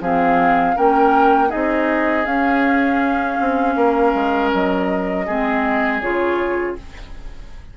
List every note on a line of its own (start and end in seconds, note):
0.00 0.75 F3
0.00 0.75 C4
0.00 0.76 G#4
0.00 0.77 F5
0.75 1.53 A#3
0.75 1.48 C#4
0.75 1.49 A#4
0.75 1.50 G5
1.48 2.25 C4
1.48 2.23 D#4
1.48 3.74 G#4
1.48 2.25 D#5
2.25 3.38 C#4
2.25 5.26 C#4
2.25 4.50 F5
3.40 3.75 C4
3.75 4.13 A#3
3.75 5.26 A#4
4.14 4.52 G#3
4.53 5.28 F#3
4.53 6.00 D#5
5.26 6.02 G#3
5.26 6.02 C4
5.26 6.76 G#4
6.00 6.77 C#3
6.00 6.77 F4
6.00 6.75 C#5